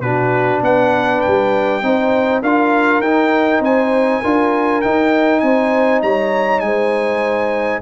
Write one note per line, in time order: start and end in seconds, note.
0.00 0.60 B2
0.00 1.82 D4
0.00 0.61 F#4
0.00 0.61 B4
0.61 1.21 B3
0.61 1.81 B4
0.61 1.21 F#5
1.21 2.41 G5
1.27 1.82 G3
1.82 2.42 C4
1.82 2.43 D#4
1.82 2.42 C5
2.42 2.99 D4
2.42 3.03 F4
2.42 3.62 A#4
2.42 3.01 F5
2.99 3.59 D#4
2.99 4.24 D#4
2.99 3.61 G5
3.60 4.20 C4
3.60 4.21 C5
3.60 4.81 G#5
4.21 4.84 D4
4.21 4.83 F4
4.21 5.41 A#4
4.81 7.82 D#4
4.81 5.42 D#4
4.81 5.40 G5
5.40 6.02 C4
5.40 6.03 C5
5.40 6.00 G#5
6.02 6.61 G3
6.02 6.63 C#5
6.02 6.60 A#5
6.60 7.81 G#3
6.60 7.80 G#5
6.66 7.82 C5